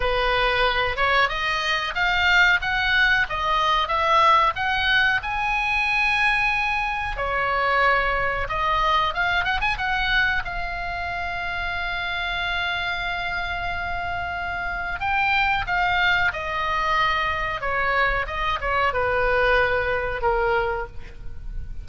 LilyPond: \new Staff \with { instrumentName = "oboe" } { \time 4/4 \tempo 4 = 92 b'4. cis''8 dis''4 f''4 | fis''4 dis''4 e''4 fis''4 | gis''2. cis''4~ | cis''4 dis''4 f''8 fis''16 gis''16 fis''4 |
f''1~ | f''2. g''4 | f''4 dis''2 cis''4 | dis''8 cis''8 b'2 ais'4 | }